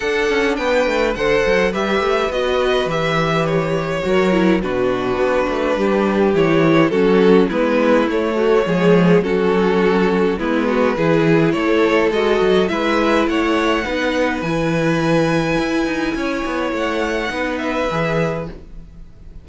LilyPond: <<
  \new Staff \with { instrumentName = "violin" } { \time 4/4 \tempo 4 = 104 fis''4 g''4 fis''4 e''4 | dis''4 e''4 cis''2 | b'2. cis''4 | a'4 b'4 cis''2 |
a'2 b'2 | cis''4 dis''4 e''4 fis''4~ | fis''4 gis''2.~ | gis''4 fis''4. e''4. | }
  \new Staff \with { instrumentName = "violin" } { \time 4/4 a'4 b'4 c''4 b'4~ | b'2. ais'4 | fis'2 g'2 | fis'4 e'4. fis'8 gis'4 |
fis'2 e'8 fis'8 gis'4 | a'2 b'4 cis''4 | b'1 | cis''2 b'2 | }
  \new Staff \with { instrumentName = "viola" } { \time 4/4 d'2 a'4 g'4 | fis'4 g'2 fis'8 e'8 | d'2. e'4 | cis'4 b4 a4 gis4 |
cis'2 b4 e'4~ | e'4 fis'4 e'2 | dis'4 e'2.~ | e'2 dis'4 gis'4 | }
  \new Staff \with { instrumentName = "cello" } { \time 4/4 d'8 cis'8 b8 a8 d8 fis8 g8 a8 | b4 e2 fis4 | b,4 b8 a8 g4 e4 | fis4 gis4 a4 f4 |
fis2 gis4 e4 | a4 gis8 fis8 gis4 a4 | b4 e2 e'8 dis'8 | cis'8 b8 a4 b4 e4 | }
>>